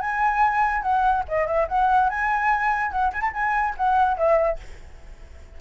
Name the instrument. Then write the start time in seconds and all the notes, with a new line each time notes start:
flute
0.00 G#5
0.82 F#5
1.28 D#5
1.47 E5
1.68 F#5
2.09 G#5
2.91 F#5
3.13 G#5
3.21 A5
3.33 G#5
3.77 F#5
4.17 E5